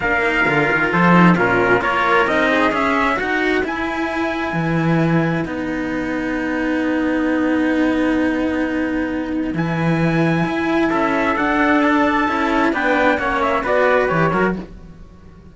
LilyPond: <<
  \new Staff \with { instrumentName = "trumpet" } { \time 4/4 \tempo 4 = 132 f''2 c''4 ais'4 | cis''4 dis''4 e''4 fis''4 | gis''1 | fis''1~ |
fis''1~ | fis''4 gis''2. | e''4 fis''4 a''2 | g''4 fis''8 e''8 d''4 cis''4 | }
  \new Staff \with { instrumentName = "trumpet" } { \time 4/4 ais'2 a'4 f'4 | ais'4. gis'4. b'4~ | b'1~ | b'1~ |
b'1~ | b'1 | a'1 | b'4 cis''4 b'4. ais'8 | }
  \new Staff \with { instrumentName = "cello" } { \time 4/4 d'8 dis'8 f'4. dis'8 cis'4 | f'4 dis'4 cis'4 fis'4 | e'1 | dis'1~ |
dis'1~ | dis'4 e'2.~ | e'4 d'2 e'4 | d'4 cis'4 fis'4 g'8 fis'8 | }
  \new Staff \with { instrumentName = "cello" } { \time 4/4 ais4 d8 dis8 f4 ais,4 | ais4 c'4 cis'4 dis'4 | e'2 e2 | b1~ |
b1~ | b4 e2 e'4 | cis'4 d'2 cis'4 | b4 ais4 b4 e8 fis8 | }
>>